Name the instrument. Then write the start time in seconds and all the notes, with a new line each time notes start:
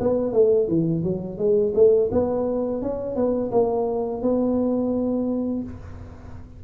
tuba
0.00 B3
0.33 A3
0.68 E3
1.04 F#3
1.38 G#3
1.75 A3
2.12 B3
2.82 C#4
3.16 B3
3.52 A#3
4.22 B3